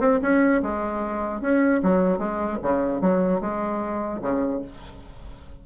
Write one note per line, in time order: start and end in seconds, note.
0.00 0.20 C4
0.22 0.62 C#4
0.63 1.41 G#3
1.41 1.81 C#4
1.83 2.18 F#3
2.18 2.58 G#3
2.62 3.01 C#3
3.01 3.41 F#3
3.41 4.21 G#3
4.21 4.61 C#3